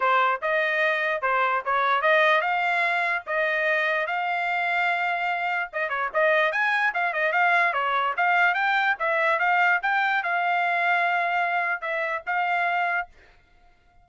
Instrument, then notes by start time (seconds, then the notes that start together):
trumpet
0.00 C5
0.41 D#5
1.21 C5
1.65 C#5
2.01 D#5
2.41 F5
3.26 D#5
4.06 F5
5.72 D#5
5.89 C#5
6.13 D#5
6.52 G#5
6.94 F5
7.13 D#5
7.32 F5
7.73 C#5
8.16 F5
8.54 G5
8.99 E5
9.39 F5
9.82 G5
10.23 F5
11.81 E5
12.26 F5